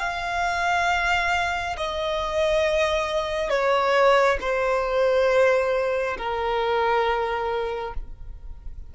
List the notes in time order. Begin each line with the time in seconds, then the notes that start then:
0.00 F5
1.78 D#5
3.50 C#5
4.41 C5
6.18 A#4